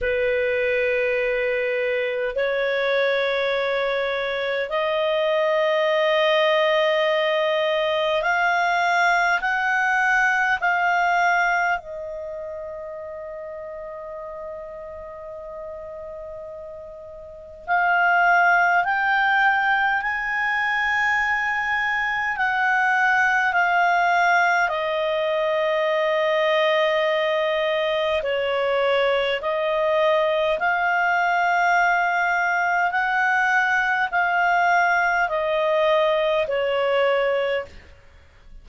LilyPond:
\new Staff \with { instrumentName = "clarinet" } { \time 4/4 \tempo 4 = 51 b'2 cis''2 | dis''2. f''4 | fis''4 f''4 dis''2~ | dis''2. f''4 |
g''4 gis''2 fis''4 | f''4 dis''2. | cis''4 dis''4 f''2 | fis''4 f''4 dis''4 cis''4 | }